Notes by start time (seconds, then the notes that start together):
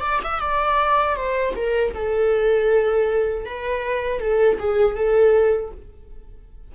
0.00 D5
0.23 E5
0.39 D5
1.16 C5
1.55 A#4
1.94 A4
3.45 B4
4.19 A4
4.59 G#4
4.95 A4